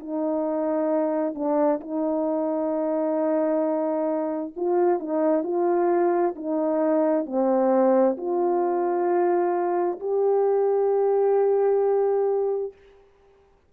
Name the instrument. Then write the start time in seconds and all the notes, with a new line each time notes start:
horn
0.00 D#4
1.35 D4
1.81 D#4
4.56 F4
5.00 D#4
5.44 F4
6.36 D#4
7.26 C4
8.18 F4
10.00 G4